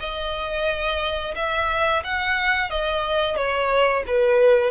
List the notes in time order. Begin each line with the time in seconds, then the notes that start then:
0.00 D#5
1.36 E5
2.04 F#5
2.71 D#5
3.36 C#5
4.07 B4